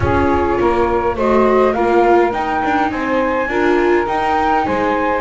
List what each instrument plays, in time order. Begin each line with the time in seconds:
0.00 double bass C#4, viola F4, saxophone G#4, flute C#5
0.59 double bass A#3, saxophone A#4
1.16 double bass A3, viola F#4, saxophone C5, flute D#5
1.73 double bass A#3, viola F4, saxophone A#4, flute F5
2.32 viola D#4, double bass D#4, flute G5
2.64 double bass D4
2.90 double bass C4, saxophone C5, flute G#5
3.48 double bass D4, viola F4, saxophone A#4
4.06 viola D#4, double bass D#4, flute G5
4.65 double bass G#3, saxophone C5, flute G#5